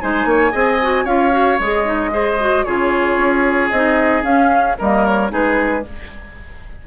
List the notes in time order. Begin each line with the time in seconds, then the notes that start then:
0.00 G#3 D#4 C5 G#5
0.24 A#3 C#5
0.51 C4 G#4 D#5
0.81 F#4
1.04 C#4 F4 C#5 F5
1.31 F#4
1.59 G#3 G#4 D#5
1.84 D#4
2.10 G#4 C5
2.39 F#4
2.63 C#3 F4 G#4 C#5
3.17 C#4
3.70 C4 D#4 D#5
4.23 C#4 F5
4.78 G3 A#3 A#4 D#5
5.06 C#5
5.28 G#3 D#4 G#4 B4